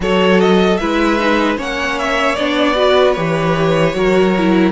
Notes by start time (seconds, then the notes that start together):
0.00 F#3 F#4 A4 C#5
0.40 D#5
0.77 G#3 E4 B4 E5
1.19 D#4
1.57 A#3 C#4 C#5 F#5
1.99 E5
2.34 B3 D4 D5
2.75 F#4 B4
3.12 E3 G4 C#5
3.93 F#3 F#4 A#4
4.37 E4